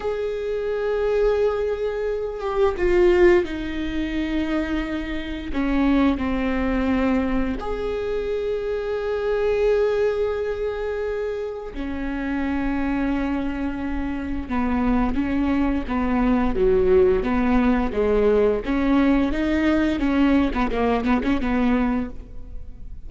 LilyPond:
\new Staff \with { instrumentName = "viola" } { \time 4/4 \tempo 4 = 87 gis'2.~ gis'8 g'8 | f'4 dis'2. | cis'4 c'2 gis'4~ | gis'1~ |
gis'4 cis'2.~ | cis'4 b4 cis'4 b4 | fis4 b4 gis4 cis'4 | dis'4 cis'8. b16 ais8 b16 cis'16 b4 | }